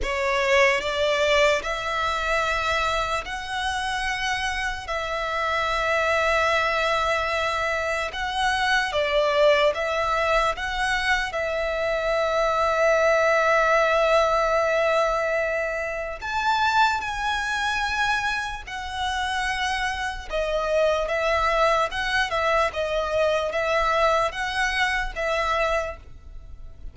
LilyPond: \new Staff \with { instrumentName = "violin" } { \time 4/4 \tempo 4 = 74 cis''4 d''4 e''2 | fis''2 e''2~ | e''2 fis''4 d''4 | e''4 fis''4 e''2~ |
e''1 | a''4 gis''2 fis''4~ | fis''4 dis''4 e''4 fis''8 e''8 | dis''4 e''4 fis''4 e''4 | }